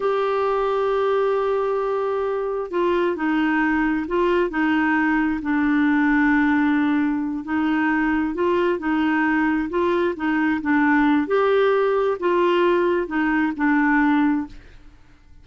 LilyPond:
\new Staff \with { instrumentName = "clarinet" } { \time 4/4 \tempo 4 = 133 g'1~ | g'2 f'4 dis'4~ | dis'4 f'4 dis'2 | d'1~ |
d'8 dis'2 f'4 dis'8~ | dis'4. f'4 dis'4 d'8~ | d'4 g'2 f'4~ | f'4 dis'4 d'2 | }